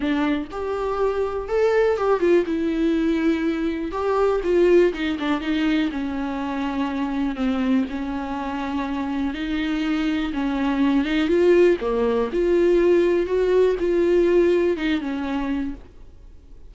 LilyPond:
\new Staff \with { instrumentName = "viola" } { \time 4/4 \tempo 4 = 122 d'4 g'2 a'4 | g'8 f'8 e'2. | g'4 f'4 dis'8 d'8 dis'4 | cis'2. c'4 |
cis'2. dis'4~ | dis'4 cis'4. dis'8 f'4 | ais4 f'2 fis'4 | f'2 dis'8 cis'4. | }